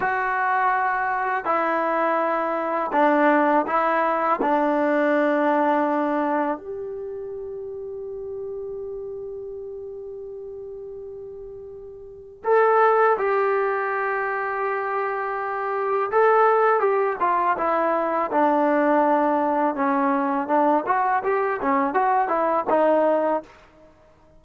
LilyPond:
\new Staff \with { instrumentName = "trombone" } { \time 4/4 \tempo 4 = 82 fis'2 e'2 | d'4 e'4 d'2~ | d'4 g'2.~ | g'1~ |
g'4 a'4 g'2~ | g'2 a'4 g'8 f'8 | e'4 d'2 cis'4 | d'8 fis'8 g'8 cis'8 fis'8 e'8 dis'4 | }